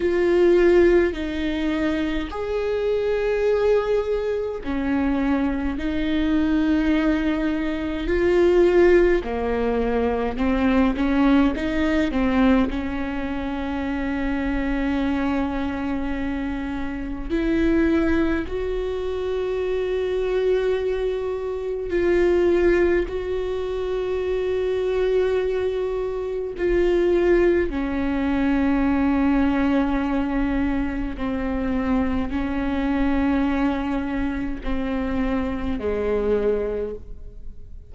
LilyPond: \new Staff \with { instrumentName = "viola" } { \time 4/4 \tempo 4 = 52 f'4 dis'4 gis'2 | cis'4 dis'2 f'4 | ais4 c'8 cis'8 dis'8 c'8 cis'4~ | cis'2. e'4 |
fis'2. f'4 | fis'2. f'4 | cis'2. c'4 | cis'2 c'4 gis4 | }